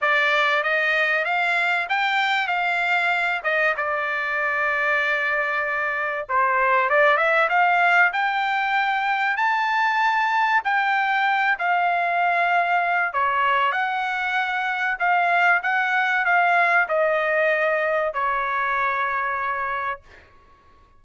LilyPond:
\new Staff \with { instrumentName = "trumpet" } { \time 4/4 \tempo 4 = 96 d''4 dis''4 f''4 g''4 | f''4. dis''8 d''2~ | d''2 c''4 d''8 e''8 | f''4 g''2 a''4~ |
a''4 g''4. f''4.~ | f''4 cis''4 fis''2 | f''4 fis''4 f''4 dis''4~ | dis''4 cis''2. | }